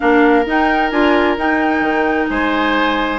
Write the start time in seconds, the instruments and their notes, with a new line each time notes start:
0.00 bassoon A#3, clarinet D4, oboe A#4, flute F5
0.46 bassoon D#4, clarinet D#4, flute G5
0.90 bassoon D4, clarinet F4, flute G#5
1.37 bassoon D#4, clarinet D#4, flute G5
1.80 bassoon D#3
2.27 bassoon G#3, oboe C5, flute G#5